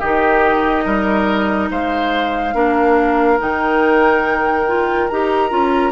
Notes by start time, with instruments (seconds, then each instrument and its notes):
0.00 bassoon D#3, clarinet D#4, oboe G4, flute D#5
0.84 bassoon G3, oboe A#4
1.70 bassoon G#3, oboe C5, flute F5
2.54 bassoon A#3, clarinet D4, oboe A#4
3.39 bassoon D#3, clarinet D#4, flute G5
4.67 clarinet F4
5.09 bassoon D#4, clarinet G4, flute A#5
5.50 bassoon C#4, clarinet F4